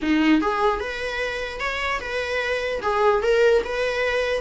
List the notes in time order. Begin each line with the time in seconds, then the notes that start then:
0.01 D#4
0.41 G#4
0.80 B4
1.59 C#5
2.00 B4
2.82 G#4
3.22 A#4
3.64 B4